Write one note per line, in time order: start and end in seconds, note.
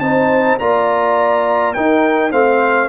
0.00 0.58 C4
0.00 0.60 D#4
0.00 0.60 C5
0.00 0.58 A5
0.59 1.76 A#3
0.59 1.76 F4
0.59 1.75 D5
0.59 1.74 A#5
1.74 2.31 D#4
1.74 2.32 D#4
1.74 2.31 A#4
1.74 2.31 G5
2.31 2.89 A3
2.31 2.89 C4
2.31 2.89 C5
2.31 2.89 F5